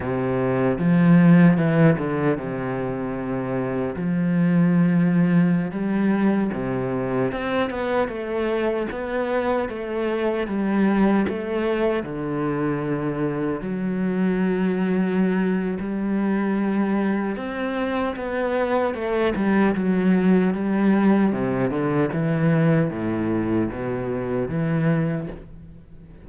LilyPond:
\new Staff \with { instrumentName = "cello" } { \time 4/4 \tempo 4 = 76 c4 f4 e8 d8 c4~ | c4 f2~ f16 g8.~ | g16 c4 c'8 b8 a4 b8.~ | b16 a4 g4 a4 d8.~ |
d4~ d16 fis2~ fis8. | g2 c'4 b4 | a8 g8 fis4 g4 c8 d8 | e4 a,4 b,4 e4 | }